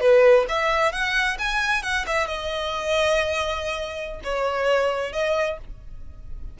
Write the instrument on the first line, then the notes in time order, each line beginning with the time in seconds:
violin
0.00 B4
0.48 E5
0.92 F#5
1.38 G#5
1.82 F#5
2.06 E5
2.27 D#5
4.24 C#5
5.12 D#5